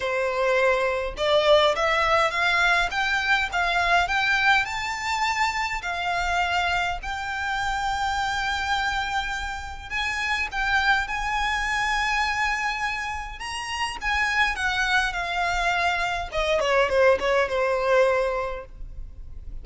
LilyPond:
\new Staff \with { instrumentName = "violin" } { \time 4/4 \tempo 4 = 103 c''2 d''4 e''4 | f''4 g''4 f''4 g''4 | a''2 f''2 | g''1~ |
g''4 gis''4 g''4 gis''4~ | gis''2. ais''4 | gis''4 fis''4 f''2 | dis''8 cis''8 c''8 cis''8 c''2 | }